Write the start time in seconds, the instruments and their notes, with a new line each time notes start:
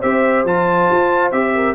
0.00 tuba C4, trombone G4, horn C5, trumpet E5
0.45 tuba F3, trombone F4, trumpet A5
0.91 tuba F4
1.31 tuba C4, trombone G4, trumpet E5
1.54 horn A#4